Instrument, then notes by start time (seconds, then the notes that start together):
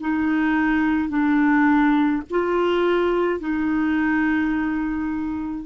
clarinet
0.00 D#4
1.09 D4
2.30 F4
3.39 D#4